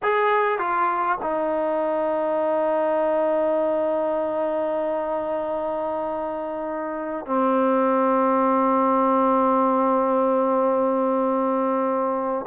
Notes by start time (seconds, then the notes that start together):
0.02 G#4
0.58 F4
1.22 D#4
7.26 C4